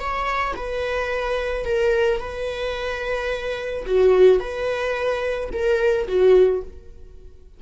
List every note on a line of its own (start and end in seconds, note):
0.00 0.55 C#5
0.56 1.65 B4
1.65 2.20 A#4
2.21 3.86 B4
3.87 4.40 F#4
4.40 5.50 B4
5.53 6.08 A#4
6.08 6.63 F#4